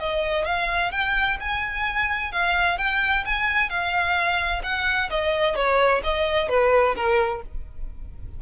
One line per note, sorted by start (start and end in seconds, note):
0.00 0.46 D#5
0.46 0.92 F5
0.92 1.38 G5
1.40 2.32 G#5
2.32 2.78 F5
2.78 3.25 G5
3.26 3.70 G#5
3.70 4.62 F5
4.64 5.10 F#5
5.11 5.56 D#5
5.56 6.02 C#5
6.04 6.49 D#5
6.49 6.95 B4
6.96 7.42 A#4